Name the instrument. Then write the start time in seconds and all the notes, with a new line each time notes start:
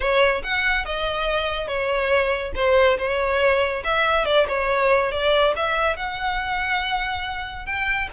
violin
0.00 C#5
0.43 F#5
0.85 D#5
1.67 C#5
2.55 C5
2.98 C#5
3.84 E5
4.25 D5
4.48 C#5
5.11 D5
5.55 E5
5.96 F#5
7.66 G5